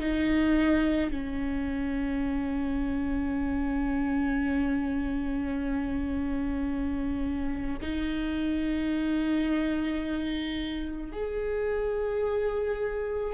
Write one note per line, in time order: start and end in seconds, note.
0.00 1.11 D#4
1.11 7.78 C#4
7.81 11.12 D#4
11.12 13.34 G#4